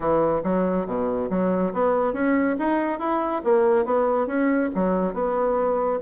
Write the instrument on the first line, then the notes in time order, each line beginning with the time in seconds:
bassoon
0.00 E3
0.43 F#3
0.86 B2
1.30 F#3
1.73 B3
2.13 C#4
2.58 D#4
2.99 E4
3.43 A#3
3.85 B3
4.26 C#4
4.74 F#3
5.13 B3